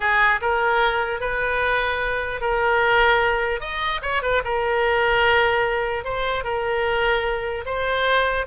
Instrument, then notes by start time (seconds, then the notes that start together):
oboe
0.00 G#4
0.41 A#4
1.20 B4
2.40 A#4
3.60 D#5
4.02 C#5
4.22 B4
4.44 A#4
6.04 C5
6.43 A#4
7.65 C5